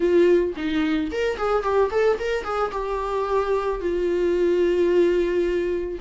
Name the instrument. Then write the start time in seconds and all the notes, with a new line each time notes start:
viola
0.00 F4
0.56 D#4
1.11 A#4
1.37 G#4
1.62 G4
1.90 A4
2.19 A#4
2.44 G#4
2.71 G4
3.80 F4